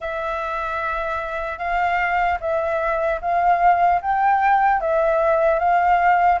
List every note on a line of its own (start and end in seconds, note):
0.00 1.58 E5
1.58 2.38 F5
2.40 3.20 E5
3.21 4.01 F5
4.01 4.80 G5
4.80 5.59 E5
5.59 6.39 F5